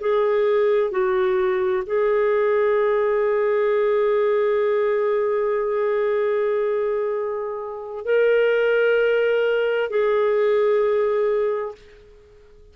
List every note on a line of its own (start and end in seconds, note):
0.00 0.91 G#4
0.91 1.83 F#4
1.85 8.05 G#4
8.05 9.89 A#4
9.89 11.74 G#4